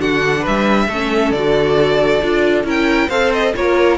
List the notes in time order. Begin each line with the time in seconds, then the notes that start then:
0.00 D3 D4 F#4 F#5
0.41 B4 E5
0.48 G3
0.88 A3 C#4 A4
1.31 D3 F#4 D5
2.22 D4 F4
2.64 C#4 E4 A#4 G5
3.09 C4 A4 C5 F5
3.33 D#5
3.56 A#3 F4 A#4 C#5